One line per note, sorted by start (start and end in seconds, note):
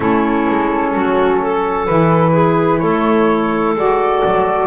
0.00 0.47 A3
0.00 1.87 C#4
0.00 0.92 E4
0.00 1.86 A4
0.49 0.94 G#3
0.93 1.88 F#3
0.93 1.40 F#4
1.41 2.32 A4
1.86 2.81 E3
1.86 3.75 E4
1.86 2.79 B4
2.32 2.79 G#4
2.79 3.75 A3
2.79 4.67 A4
2.79 3.73 C#5
3.75 4.22 G#3
3.75 4.67 F#4
3.75 4.67 D5
4.25 4.67 F#3